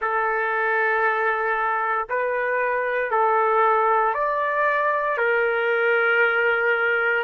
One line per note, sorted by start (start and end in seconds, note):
0.00 2.07 A4
2.09 3.10 B4
3.10 4.14 A4
4.14 5.17 D5
5.17 7.23 A#4